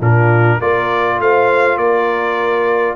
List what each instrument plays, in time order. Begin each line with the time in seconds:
0.00 tuba A#2, trombone D4, horn F4, trumpet A#4
0.58 tuba A#3, trombone F4, horn A#4, trumpet D5
1.18 tuba A3, horn C5, trumpet F5
1.77 tuba A#3, horn A#4, trumpet D5